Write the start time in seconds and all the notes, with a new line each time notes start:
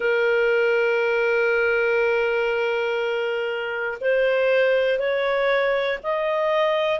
0.00 A#4
4.00 C5
4.99 C#5
6.03 D#5